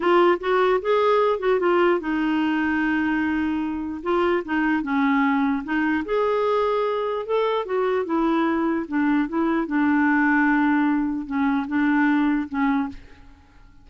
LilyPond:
\new Staff \with { instrumentName = "clarinet" } { \time 4/4 \tempo 4 = 149 f'4 fis'4 gis'4. fis'8 | f'4 dis'2.~ | dis'2 f'4 dis'4 | cis'2 dis'4 gis'4~ |
gis'2 a'4 fis'4 | e'2 d'4 e'4 | d'1 | cis'4 d'2 cis'4 | }